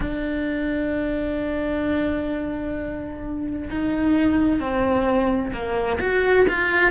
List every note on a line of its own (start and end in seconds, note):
0.00 3.68 D4
3.70 4.59 D#4
4.59 5.52 C4
5.53 5.99 A#3
6.00 6.46 F#4
6.48 6.91 F4